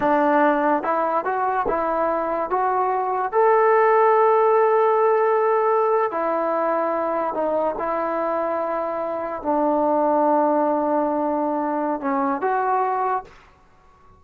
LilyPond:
\new Staff \with { instrumentName = "trombone" } { \time 4/4 \tempo 4 = 145 d'2 e'4 fis'4 | e'2 fis'2 | a'1~ | a'2~ a'8. e'4~ e'16~ |
e'4.~ e'16 dis'4 e'4~ e'16~ | e'2~ e'8. d'4~ d'16~ | d'1~ | d'4 cis'4 fis'2 | }